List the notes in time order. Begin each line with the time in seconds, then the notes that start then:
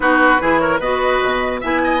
0.00 B3 D#4 F#4 B4
0.40 E3 E4 G#4
0.58 A#4 C#5
0.79 B3 F#4 B4 D#5
1.23 B2
1.60 B3 E4 E5 G#5
1.84 D#5